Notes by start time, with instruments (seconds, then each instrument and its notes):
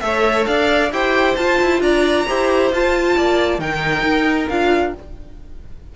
0.00 cello A3, viola A4, violin C#5 E5
0.46 cello D4, violin D5 F5
0.91 cello E4, viola G4, violin C5 G5
1.36 cello F4, viola F4, violin A5
1.61 cello E4
1.80 cello D4, violin D5 A#5
2.27 cello E4, viola G4, violin C5
2.72 cello F4, viola F4, violin A5
3.16 cello A#3, violin D5
3.58 cello D#3, viola D#4, violin A#4 G5
4.03 cello D#4
4.49 cello D4, viola F4, violin F5